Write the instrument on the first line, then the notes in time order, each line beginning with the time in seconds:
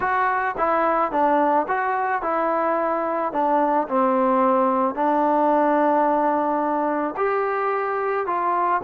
trombone
0.00 F#4
0.57 E4
1.11 D4
1.67 F#4
2.22 E4
3.32 D4
3.88 C4
4.94 D4
7.16 G4
8.26 F4